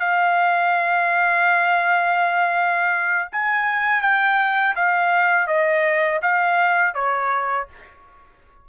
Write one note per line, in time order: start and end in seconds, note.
0.00 3.29 F5
3.32 4.02 G#5
4.02 4.75 G5
4.76 5.48 F5
5.48 6.21 D#5
6.23 6.95 F5
6.95 7.68 C#5